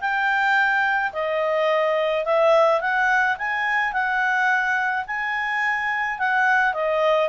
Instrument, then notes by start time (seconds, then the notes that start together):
clarinet
0.00 G5
1.13 D#5
2.25 E5
2.81 F#5
3.38 G#5
3.93 F#5
5.07 G#5
6.19 F#5
6.74 D#5